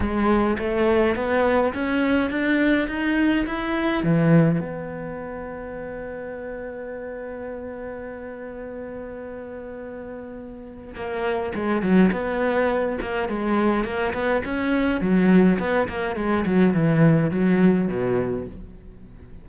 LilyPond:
\new Staff \with { instrumentName = "cello" } { \time 4/4 \tempo 4 = 104 gis4 a4 b4 cis'4 | d'4 dis'4 e'4 e4 | b1~ | b1~ |
b2. ais4 | gis8 fis8 b4. ais8 gis4 | ais8 b8 cis'4 fis4 b8 ais8 | gis8 fis8 e4 fis4 b,4 | }